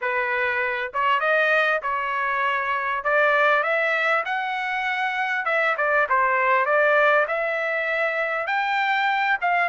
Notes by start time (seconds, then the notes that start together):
0.01 B4
0.93 C#5
1.20 D#5
1.82 C#5
3.03 D5
3.63 E5
4.25 F#5
5.45 E5
5.77 D5
6.09 C5
6.65 D5
7.27 E5
8.46 G5
9.41 F5